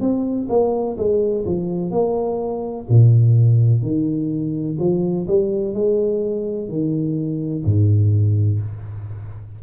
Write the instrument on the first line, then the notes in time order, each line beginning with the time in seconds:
tuba
0.00 C4
0.49 A#3
0.97 G#3
1.45 F3
1.91 A#3
2.89 A#2
3.82 D#3
4.79 F3
5.27 G3
5.74 G#3
6.68 D#3
7.65 G#2